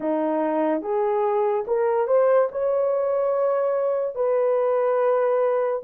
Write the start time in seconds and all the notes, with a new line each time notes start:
0.00 D#4
0.81 G#4
1.67 A#4
2.07 C5
2.51 C#5
4.15 B4